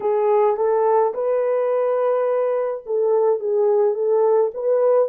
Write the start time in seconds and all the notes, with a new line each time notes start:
0.00 G#4
0.57 A4
1.14 B4
2.86 A4
3.39 G#4
3.94 A4
4.54 B4